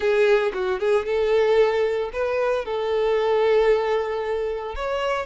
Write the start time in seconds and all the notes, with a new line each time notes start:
0.00 G#4
0.53 F#4
0.79 G#4
1.05 A4
2.12 B4
2.65 A4
4.75 C#5